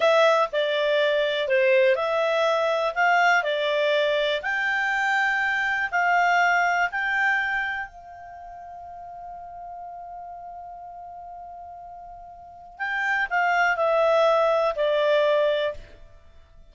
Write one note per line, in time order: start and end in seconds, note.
0.00 0.49 E5
0.52 1.48 D5
1.48 1.95 C5
1.95 2.94 E5
2.94 3.43 F5
3.43 4.41 D5
4.42 5.89 G5
5.91 6.89 F5
6.91 7.86 G5
7.86 12.78 F5
12.78 13.27 G5
13.30 13.76 F5
13.76 14.74 E5
14.75 15.74 D5